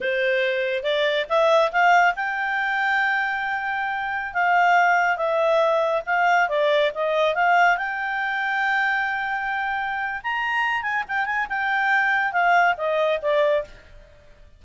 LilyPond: \new Staff \with { instrumentName = "clarinet" } { \time 4/4 \tempo 4 = 141 c''2 d''4 e''4 | f''4 g''2.~ | g''2~ g''16 f''4.~ f''16~ | f''16 e''2 f''4 d''8.~ |
d''16 dis''4 f''4 g''4.~ g''16~ | g''1 | ais''4. gis''8 g''8 gis''8 g''4~ | g''4 f''4 dis''4 d''4 | }